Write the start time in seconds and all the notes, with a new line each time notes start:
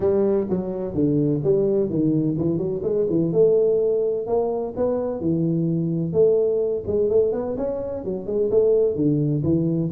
0.00 G3
0.49 F#3
0.94 D3
1.43 G3
1.89 D#3
2.37 E3
2.57 F#3
2.83 G#3
3.09 E3
3.32 A3
4.26 A#3
4.76 B3
5.20 E3
6.12 A3
6.86 G#3
7.09 A3
7.32 B3
7.57 C#4
8.04 F#3
8.26 G#3
8.51 A3
8.95 D3
9.43 E3